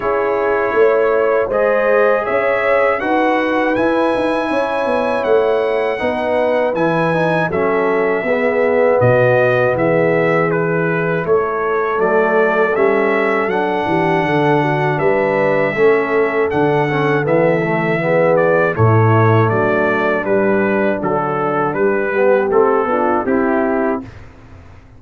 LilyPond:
<<
  \new Staff \with { instrumentName = "trumpet" } { \time 4/4 \tempo 4 = 80 cis''2 dis''4 e''4 | fis''4 gis''2 fis''4~ | fis''4 gis''4 e''2 | dis''4 e''4 b'4 cis''4 |
d''4 e''4 fis''2 | e''2 fis''4 e''4~ | e''8 d''8 cis''4 d''4 b'4 | a'4 b'4 a'4 g'4 | }
  \new Staff \with { instrumentName = "horn" } { \time 4/4 gis'4 cis''4 c''4 cis''4 | b'2 cis''2 | b'2 a'4 gis'4 | fis'4 gis'2 a'4~ |
a'2~ a'8 g'8 a'8 fis'8 | b'4 a'2. | gis'4 e'4 d'2~ | d'4. g'4 f'8 e'4 | }
  \new Staff \with { instrumentName = "trombone" } { \time 4/4 e'2 gis'2 | fis'4 e'2. | dis'4 e'8 dis'8 cis'4 b4~ | b2 e'2 |
a4 cis'4 d'2~ | d'4 cis'4 d'8 cis'8 b8 a8 | b4 a2 g4 | d4 g8 b8 c'8 d'8 e'4 | }
  \new Staff \with { instrumentName = "tuba" } { \time 4/4 cis'4 a4 gis4 cis'4 | dis'4 e'8 dis'8 cis'8 b8 a4 | b4 e4 fis4 b4 | b,4 e2 a4 |
fis4 g4 fis8 e8 d4 | g4 a4 d4 e4~ | e4 a,4 fis4 g4 | fis4 g4 a8 b8 c'4 | }
>>